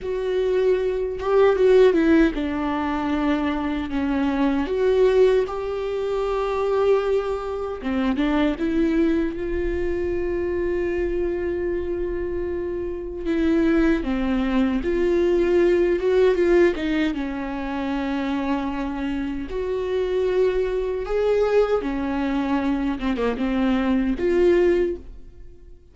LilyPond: \new Staff \with { instrumentName = "viola" } { \time 4/4 \tempo 4 = 77 fis'4. g'8 fis'8 e'8 d'4~ | d'4 cis'4 fis'4 g'4~ | g'2 c'8 d'8 e'4 | f'1~ |
f'4 e'4 c'4 f'4~ | f'8 fis'8 f'8 dis'8 cis'2~ | cis'4 fis'2 gis'4 | cis'4. c'16 ais16 c'4 f'4 | }